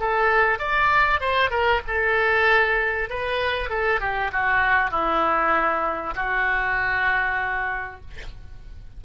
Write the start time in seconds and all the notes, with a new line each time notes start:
0.00 A4
0.59 D5
1.21 C5
1.51 A#4
1.88 A4
3.10 B4
3.70 A4
4.01 G4
4.32 F#4
4.91 E4
6.16 F#4